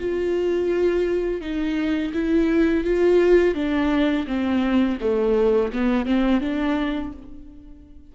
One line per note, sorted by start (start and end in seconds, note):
0.00 1.42 F4
1.42 2.13 D#4
2.14 2.85 E4
2.85 3.55 F4
3.55 4.27 D4
4.28 4.99 C4
5.01 5.73 A3
5.73 6.06 B3
6.06 6.41 C4
6.41 7.13 D4